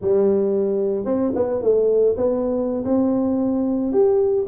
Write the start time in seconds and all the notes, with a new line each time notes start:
0.01 G3
1.05 C4
1.35 B3
1.61 A3
2.16 B3
2.84 C4
3.92 G4